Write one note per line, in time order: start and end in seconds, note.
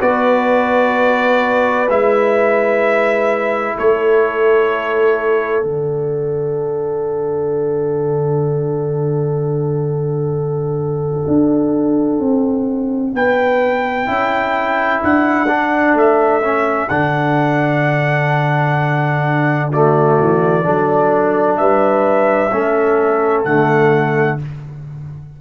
0.00 1.89 B3
0.00 1.88 F#4
0.00 3.75 B4
0.00 1.88 D5
1.89 3.77 G#3
1.89 5.63 E4
1.89 3.77 E5
3.78 5.63 A3
3.78 13.15 A4
3.78 5.63 C#5
5.63 11.26 D3
5.63 14.06 D4
5.63 13.13 F#5
11.27 12.19 D4
12.19 13.13 C4
13.14 14.08 B3
13.14 14.08 B4
13.14 15.03 G5
14.06 15.02 C#4
14.06 15.47 E4
14.06 19.70 A4
15.04 15.94 D4
15.04 15.97 F#5
15.48 16.41 D4
15.94 16.88 A3
15.94 16.89 E5
16.42 16.89 C#4
16.89 20.19 D3
16.89 19.72 D4
16.89 19.70 F#5
19.70 20.63 A3
19.70 20.64 F#4
19.70 21.57 D5
20.20 20.67 E3
20.63 21.59 F#3
20.63 22.51 D4
20.63 21.59 A4
21.57 22.52 G3
21.57 22.53 B4
21.57 23.44 E5
22.52 23.45 A3
22.52 23.45 C#4
22.52 24.41 A4
23.44 24.39 D3
23.44 24.39 A3
23.44 24.38 F#5